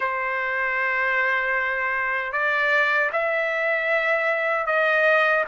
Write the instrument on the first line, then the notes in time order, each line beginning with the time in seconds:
trumpet
0.00 C5
2.32 D5
3.12 E5
4.66 D#5